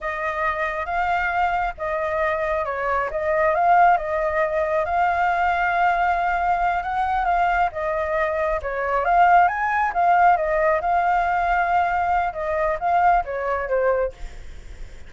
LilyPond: \new Staff \with { instrumentName = "flute" } { \time 4/4 \tempo 4 = 136 dis''2 f''2 | dis''2 cis''4 dis''4 | f''4 dis''2 f''4~ | f''2.~ f''8 fis''8~ |
fis''8 f''4 dis''2 cis''8~ | cis''8 f''4 gis''4 f''4 dis''8~ | dis''8 f''2.~ f''8 | dis''4 f''4 cis''4 c''4 | }